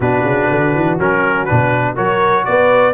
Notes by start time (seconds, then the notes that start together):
0.00 B2 D4 F#4 B4
0.22 C#3
0.51 D3
0.75 E3
0.99 F#3 C#4 A#4
1.45 B2 D4 B4
1.95 F#3 F#4 A#4 C#5
2.44 B3 B4 D5